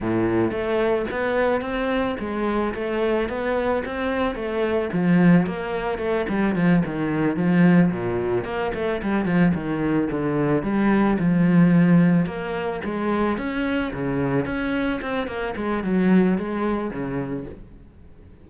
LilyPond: \new Staff \with { instrumentName = "cello" } { \time 4/4 \tempo 4 = 110 a,4 a4 b4 c'4 | gis4 a4 b4 c'4 | a4 f4 ais4 a8 g8 | f8 dis4 f4 ais,4 ais8 |
a8 g8 f8 dis4 d4 g8~ | g8 f2 ais4 gis8~ | gis8 cis'4 cis4 cis'4 c'8 | ais8 gis8 fis4 gis4 cis4 | }